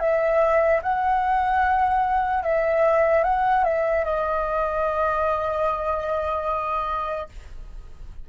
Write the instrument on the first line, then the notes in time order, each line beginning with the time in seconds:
flute
0.00 E5
0.83 F#5
2.44 E5
3.24 F#5
3.64 E5
4.05 D#5